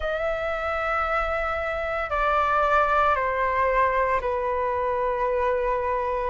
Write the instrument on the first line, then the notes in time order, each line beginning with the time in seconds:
flute
0.00 E5
2.10 D5
3.15 C5
4.21 B4